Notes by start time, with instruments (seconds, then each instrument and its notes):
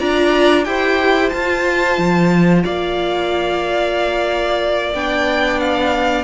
0.00 cello D4, viola F4, violin D5 A#5
0.65 cello E4, viola G4, violin C5 G5
1.30 viola F4, cello F4, violin A5
1.98 cello F3
2.64 cello A#3, violin D5 F5
4.95 cello B3, viola D4, violin G5
5.61 violin F5